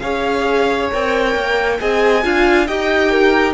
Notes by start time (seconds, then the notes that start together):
0.00 C#4 G#4 C#5 F5
0.91 C4 A#4 G5
1.35 A#3
1.79 C4 G#4 D#5 G#5
2.24 D4 F4 F5
2.67 D#4 G4 D#5 G5
3.10 A#4